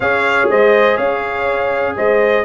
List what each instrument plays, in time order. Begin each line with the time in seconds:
0.00 tuba C#4, trombone G#4, horn C#5, trumpet F5
0.50 tuba G#3, horn C5, trumpet D#5
0.97 tuba C#4, horn C#5, trumpet F5
1.96 tuba G#3, horn C5, trumpet D#5